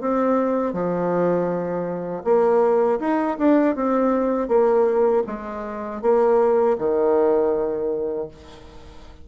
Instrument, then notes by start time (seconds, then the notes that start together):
bassoon
0.00 C4
0.73 F3
2.24 A#3
3.00 D#4
3.38 D4
3.75 C4
4.48 A#3
5.26 G#3
6.02 A#3
6.78 D#3